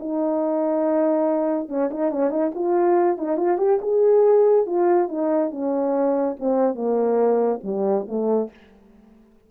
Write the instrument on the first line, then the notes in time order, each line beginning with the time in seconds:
horn
0.00 D#4
1.69 C#4
1.91 D#4
2.12 C#4
2.31 D#4
2.55 F4
3.18 D#4
3.38 F4
3.58 G4
3.82 G#4
4.67 F4
5.09 D#4
5.51 C#4
6.40 C4
6.75 A#3
7.64 G3
8.08 A3